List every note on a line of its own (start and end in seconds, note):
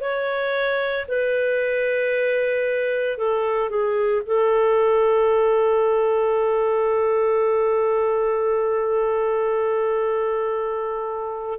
0.00 1.05 C#5
1.08 3.17 B4
3.17 3.69 A4
3.69 4.22 G#4
4.26 11.59 A4